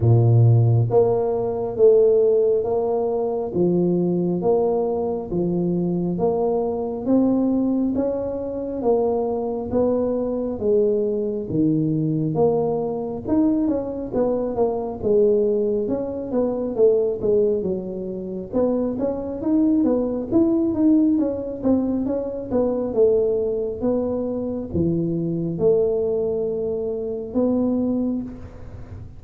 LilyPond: \new Staff \with { instrumentName = "tuba" } { \time 4/4 \tempo 4 = 68 ais,4 ais4 a4 ais4 | f4 ais4 f4 ais4 | c'4 cis'4 ais4 b4 | gis4 dis4 ais4 dis'8 cis'8 |
b8 ais8 gis4 cis'8 b8 a8 gis8 | fis4 b8 cis'8 dis'8 b8 e'8 dis'8 | cis'8 c'8 cis'8 b8 a4 b4 | e4 a2 b4 | }